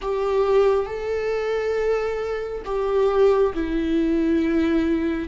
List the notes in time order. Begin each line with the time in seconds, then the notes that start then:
0.01 G4
0.85 A4
2.65 G4
3.54 E4